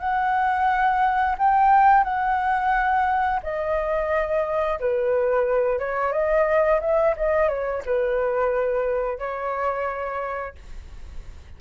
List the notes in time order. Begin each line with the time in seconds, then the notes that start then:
0.00 F#5
1.39 G5
2.05 F#5
3.43 D#5
4.80 B4
5.80 C#5
6.13 D#5
6.81 E5
7.17 D#5
7.49 C#5
7.86 B4
9.19 C#5